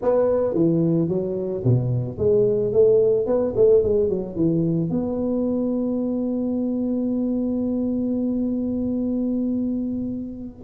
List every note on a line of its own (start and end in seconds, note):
0.01 0.53 B3
0.53 1.08 E3
1.08 1.63 F#3
1.64 2.18 B2
2.18 2.72 G#3
2.72 3.26 A3
3.26 3.53 B3
3.56 3.83 A3
3.83 4.09 G#3
4.09 4.35 F#3
4.35 4.90 E3
4.90 10.62 B3